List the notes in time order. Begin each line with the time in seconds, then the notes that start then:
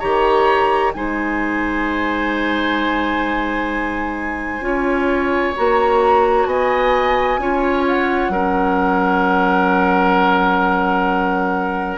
0.00 D#3 G4 C#5 A#5
0.94 G#3 D#4 C5 G#5
4.61 C#4 F4 C#5
5.57 A#3 F#4 A#5
6.46 B3 D#5 G#5
7.38 C#4 F4 C#5
7.88 F#5
8.29 F#3 C#4 A#4